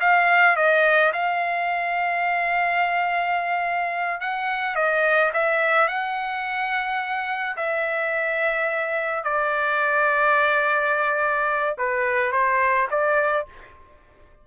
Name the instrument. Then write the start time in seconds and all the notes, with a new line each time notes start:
trumpet
0.00 F5
0.56 D#5
1.13 F5
4.20 F#5
4.75 D#5
5.33 E5
5.88 F#5
7.56 E5
9.23 D5
11.77 B4
12.32 C5
12.90 D5